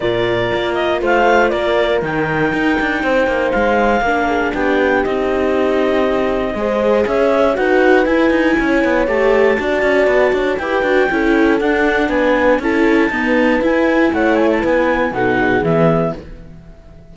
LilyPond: <<
  \new Staff \with { instrumentName = "clarinet" } { \time 4/4 \tempo 4 = 119 d''4. dis''8 f''4 d''4 | g''2. f''4~ | f''4 g''4 dis''2~ | dis''2 e''4 fis''4 |
gis''2 a''2~ | a''4 g''2 fis''4 | gis''4 a''2 gis''4 | fis''8 gis''16 a''16 gis''4 fis''4 e''4 | }
  \new Staff \with { instrumentName = "horn" } { \time 4/4 ais'2 c''4 ais'4~ | ais'2 c''2 | ais'8 gis'8 g'2.~ | g'4 c''4 cis''4 b'4~ |
b'4 cis''2 d''4~ | d''8 cis''8 b'4 a'2 | b'4 a'4 b'2 | cis''4 b'4 a'8 gis'4. | }
  \new Staff \with { instrumentName = "viola" } { \time 4/4 f'1 | dis'1 | d'2 dis'2~ | dis'4 gis'2 fis'4 |
e'2 g'4 fis'4~ | fis'4 g'8 fis'8 e'4 d'4~ | d'4 e'4 b4 e'4~ | e'2 dis'4 b4 | }
  \new Staff \with { instrumentName = "cello" } { \time 4/4 ais,4 ais4 a4 ais4 | dis4 dis'8 d'8 c'8 ais8 gis4 | ais4 b4 c'2~ | c'4 gis4 cis'4 dis'4 |
e'8 dis'8 cis'8 b8 a4 d'8 cis'8 | b8 d'8 e'8 d'8 cis'4 d'4 | b4 cis'4 dis'4 e'4 | a4 b4 b,4 e4 | }
>>